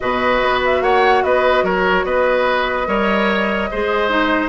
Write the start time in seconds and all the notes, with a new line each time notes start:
0.00 B2 F#4 B4 D#5
0.42 B3
0.65 E5
0.81 A#3 C#5 F#5
1.23 B3 B4 D#5
1.62 F#3 A#4 C#5
2.04 B3 B4 D#5
2.87 G3 A#4 C#5
3.70 G#3 G#4 C5
4.09 D#4